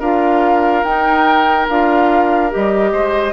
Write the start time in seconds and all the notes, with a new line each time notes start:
0.00 D4 F4 A#4 F5
0.84 D#4 G5
1.69 D4 F4 F5
2.50 G3 G4 D#5
2.93 G#3 C5